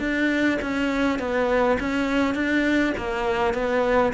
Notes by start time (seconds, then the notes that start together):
0.00 D4
0.62 C#4
1.19 B3
1.80 C#4
2.35 D4
2.98 A#3
3.54 B3